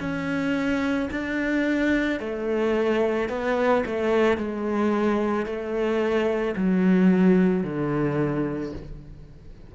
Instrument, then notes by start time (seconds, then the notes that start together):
cello
0.00 C#4
1.11 D4
2.20 A3
3.29 B3
3.86 A3
4.37 G#3
5.45 A3
6.56 F#3
7.63 D3